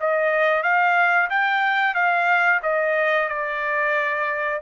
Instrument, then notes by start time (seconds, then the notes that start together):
trumpet
0.00 D#5
0.63 F5
1.30 G5
1.95 F5
2.63 D#5
3.28 D5